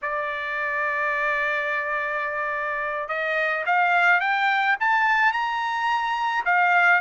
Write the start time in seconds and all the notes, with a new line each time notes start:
0.02 D5
3.08 D#5
3.66 F5
4.20 G5
4.80 A5
5.32 A#5
6.45 F5